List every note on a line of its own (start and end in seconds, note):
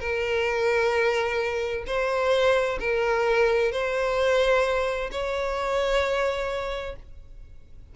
0.00 1.85 A#4
1.87 2.79 C5
2.80 3.72 A#4
3.72 5.10 C5
5.12 6.96 C#5